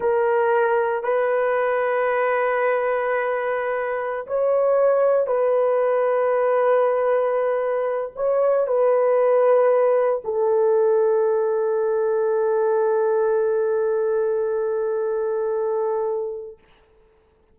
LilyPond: \new Staff \with { instrumentName = "horn" } { \time 4/4 \tempo 4 = 116 ais'2 b'2~ | b'1~ | b'16 cis''2 b'4.~ b'16~ | b'2.~ b'8. cis''16~ |
cis''8. b'2. a'16~ | a'1~ | a'1~ | a'1 | }